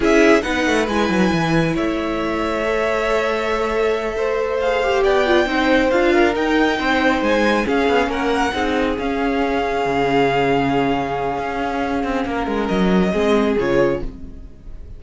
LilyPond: <<
  \new Staff \with { instrumentName = "violin" } { \time 4/4 \tempo 4 = 137 e''4 fis''4 gis''2 | e''1~ | e''2~ e''8 f''4 g''8~ | g''4. f''4 g''4.~ |
g''8 gis''4 f''4 fis''4.~ | fis''8 f''2.~ f''8~ | f''1~ | f''4 dis''2 cis''4 | }
  \new Staff \with { instrumentName = "violin" } { \time 4/4 gis'4 b'2. | cis''1~ | cis''4. c''2 d''8~ | d''8 c''4. ais'4. c''8~ |
c''4. gis'4 ais'4 gis'8~ | gis'1~ | gis'1 | ais'2 gis'2 | }
  \new Staff \with { instrumentName = "viola" } { \time 4/4 e'4 dis'4 e'2~ | e'2 a'2~ | a'2~ a'8 gis'8 g'4 | f'8 dis'4 f'4 dis'4.~ |
dis'4. cis'2 dis'8~ | dis'8 cis'2.~ cis'8~ | cis'1~ | cis'2 c'4 f'4 | }
  \new Staff \with { instrumentName = "cello" } { \time 4/4 cis'4 b8 a8 gis8 fis8 e4 | a1~ | a2.~ a8 b8~ | b8 c'4 d'4 dis'4 c'8~ |
c'8 gis4 cis'8 b8 ais4 c'8~ | c'8 cis'2 cis4.~ | cis2 cis'4. c'8 | ais8 gis8 fis4 gis4 cis4 | }
>>